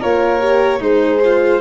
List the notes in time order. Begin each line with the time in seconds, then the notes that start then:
0.00 A#3 F4 A#4 C#5
0.40 G4
0.80 G#3 D#4 G#4 C5
1.25 F4